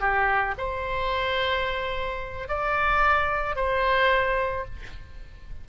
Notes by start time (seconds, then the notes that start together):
0.00 G4
0.58 C5
2.48 D5
3.56 C5